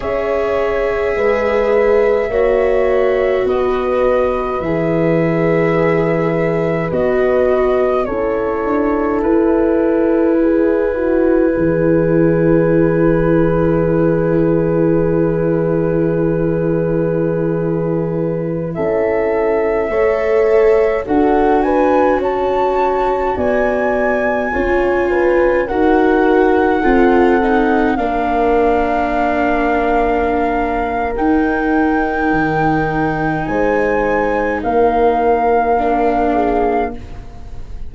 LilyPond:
<<
  \new Staff \with { instrumentName = "flute" } { \time 4/4 \tempo 4 = 52 e''2. dis''4 | e''2 dis''4 cis''4 | b'1~ | b'1~ |
b'16 e''2 fis''8 gis''8 a''8.~ | a''16 gis''2 fis''4.~ fis''16~ | fis''16 f''2~ f''8. g''4~ | g''4 gis''4 f''2 | }
  \new Staff \with { instrumentName = "horn" } { \time 4/4 cis''4 b'4 cis''4 b'4~ | b'2. a'4~ | a'4 gis'8 fis'8 gis'2~ | gis'1~ |
gis'16 a'4 cis''4 a'8 b'8 cis''8.~ | cis''16 d''4 cis''8 b'8 ais'4 a'8.~ | a'16 ais'2.~ ais'8.~ | ais'4 c''4 ais'4. gis'8 | }
  \new Staff \with { instrumentName = "viola" } { \time 4/4 gis'2 fis'2 | gis'2 fis'4 e'4~ | e'1~ | e'1~ |
e'4~ e'16 a'4 fis'4.~ fis'16~ | fis'4~ fis'16 f'4 fis'4 f'8 dis'16~ | dis'16 d'2~ d'8. dis'4~ | dis'2. d'4 | }
  \new Staff \with { instrumentName = "tuba" } { \time 4/4 cis'4 gis4 ais4 b4 | e2 b4 cis'8 d'8 | e'2 e2~ | e1~ |
e16 cis'4 a4 d'4 cis'8.~ | cis'16 b4 cis'4 dis'4 c'8.~ | c'16 ais2~ ais8. dis'4 | dis4 gis4 ais2 | }
>>